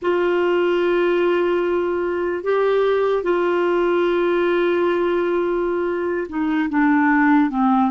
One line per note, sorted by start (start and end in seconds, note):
0.02 2.43 F4
2.43 3.22 G4
3.22 6.27 F4
6.28 6.69 D#4
6.69 7.50 D4
7.50 7.90 C4